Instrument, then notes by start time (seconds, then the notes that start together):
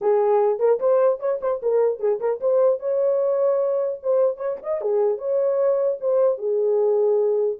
horn
0.01 G#4
0.59 A#4
0.79 C5
1.19 C#5
1.41 C5
1.62 A#4
1.99 G#4
2.20 A#4
2.40 C5
2.79 C#5
4.02 C5
4.36 C#5
4.63 D#5
4.81 G#4
5.18 C#5
6.00 C5
6.38 G#4